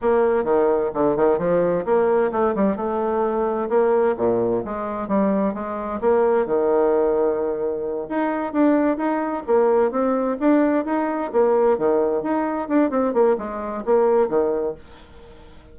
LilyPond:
\new Staff \with { instrumentName = "bassoon" } { \time 4/4 \tempo 4 = 130 ais4 dis4 d8 dis8 f4 | ais4 a8 g8 a2 | ais4 ais,4 gis4 g4 | gis4 ais4 dis2~ |
dis4. dis'4 d'4 dis'8~ | dis'8 ais4 c'4 d'4 dis'8~ | dis'8 ais4 dis4 dis'4 d'8 | c'8 ais8 gis4 ais4 dis4 | }